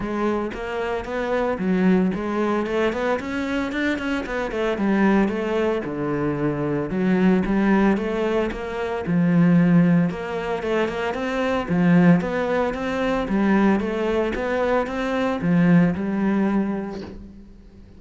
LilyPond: \new Staff \with { instrumentName = "cello" } { \time 4/4 \tempo 4 = 113 gis4 ais4 b4 fis4 | gis4 a8 b8 cis'4 d'8 cis'8 | b8 a8 g4 a4 d4~ | d4 fis4 g4 a4 |
ais4 f2 ais4 | a8 ais8 c'4 f4 b4 | c'4 g4 a4 b4 | c'4 f4 g2 | }